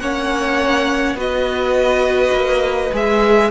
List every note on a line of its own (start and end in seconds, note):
0.00 1.14 A#3
0.00 1.17 C#4
0.00 1.17 C#5
0.00 1.17 F#5
1.14 2.31 B3
1.14 2.92 F#4
1.14 3.50 B4
1.14 2.95 D#5
2.32 2.91 A#3
2.93 3.51 G#3
2.93 3.51 G#4
2.93 3.51 E5